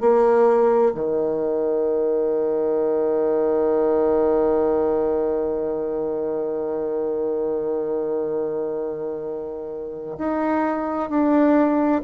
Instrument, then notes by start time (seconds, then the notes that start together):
bassoon
0.00 A#3
0.94 D#3
10.18 D#4
11.09 D4